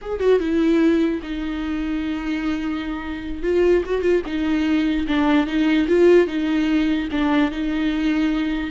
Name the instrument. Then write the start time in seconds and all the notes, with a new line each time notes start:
viola
0.01 G#4
0.19 F#4
0.39 E4
1.22 D#4
3.43 F4
3.85 F#4
4.01 F4
4.25 D#4
5.07 D4
5.46 D#4
5.88 F4
6.27 D#4
7.11 D4
7.51 D#4